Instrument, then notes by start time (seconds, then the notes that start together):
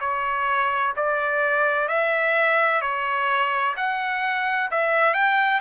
trumpet
0.00 C#5
0.96 D5
1.88 E5
2.81 C#5
3.76 F#5
4.71 E5
5.13 G5